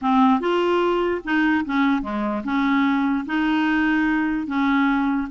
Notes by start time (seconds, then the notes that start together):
0.01 C4
0.40 F4
1.24 D#4
1.65 C#4
2.02 G#3
2.44 C#4
3.26 D#4
4.46 C#4